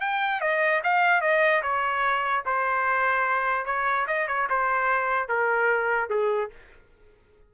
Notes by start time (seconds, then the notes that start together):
0.00 G5
0.40 D#5
0.83 F5
1.21 D#5
1.62 C#5
2.45 C5
3.65 C#5
4.07 D#5
4.27 C#5
4.49 C5
5.28 A#4
6.09 G#4